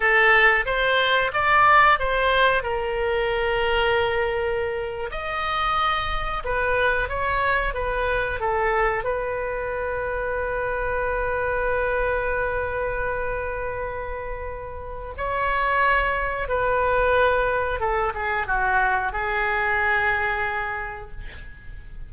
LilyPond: \new Staff \with { instrumentName = "oboe" } { \time 4/4 \tempo 4 = 91 a'4 c''4 d''4 c''4 | ais'2.~ ais'8. dis''16~ | dis''4.~ dis''16 b'4 cis''4 b'16~ | b'8. a'4 b'2~ b'16~ |
b'1~ | b'2. cis''4~ | cis''4 b'2 a'8 gis'8 | fis'4 gis'2. | }